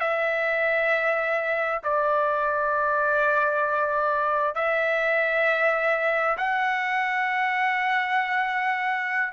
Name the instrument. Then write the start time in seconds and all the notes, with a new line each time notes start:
trumpet
0.00 E5
1.83 D5
4.55 E5
6.37 F#5